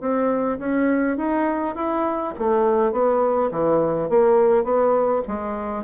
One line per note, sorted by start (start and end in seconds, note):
0.00 0.58 C4
0.59 1.17 C#4
1.17 1.75 D#4
1.75 2.34 E4
2.38 2.92 A3
2.92 3.50 B3
3.51 4.09 E3
4.09 4.64 A#3
4.64 5.22 B3
5.27 5.84 G#3